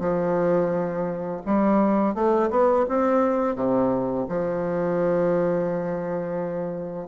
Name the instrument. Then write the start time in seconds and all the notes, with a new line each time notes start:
bassoon
0.00 F3
1.46 G3
2.15 A3
2.51 B3
2.89 C4
3.56 C3
4.29 F3